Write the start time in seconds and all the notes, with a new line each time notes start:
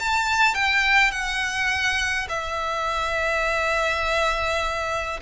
0.00 A5
0.55 G5
1.12 F#5
2.29 E5